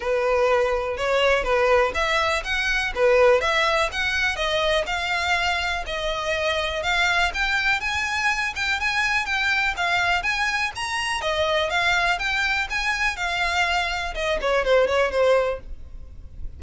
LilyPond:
\new Staff \with { instrumentName = "violin" } { \time 4/4 \tempo 4 = 123 b'2 cis''4 b'4 | e''4 fis''4 b'4 e''4 | fis''4 dis''4 f''2 | dis''2 f''4 g''4 |
gis''4. g''8 gis''4 g''4 | f''4 gis''4 ais''4 dis''4 | f''4 g''4 gis''4 f''4~ | f''4 dis''8 cis''8 c''8 cis''8 c''4 | }